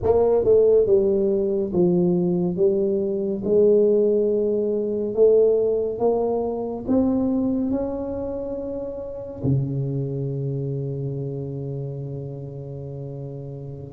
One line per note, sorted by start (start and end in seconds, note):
0.02 0.44 A#3
0.44 0.86 A3
0.86 1.72 G3
1.72 2.56 F3
2.56 3.42 G3
3.44 5.14 G#3
5.14 5.98 A3
5.98 6.84 A#3
6.87 7.70 C4
7.70 9.42 C#4
9.43 13.93 C#3